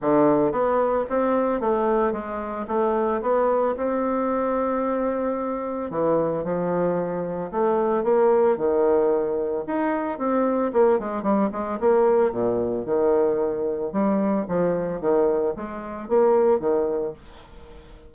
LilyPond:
\new Staff \with { instrumentName = "bassoon" } { \time 4/4 \tempo 4 = 112 d4 b4 c'4 a4 | gis4 a4 b4 c'4~ | c'2. e4 | f2 a4 ais4 |
dis2 dis'4 c'4 | ais8 gis8 g8 gis8 ais4 ais,4 | dis2 g4 f4 | dis4 gis4 ais4 dis4 | }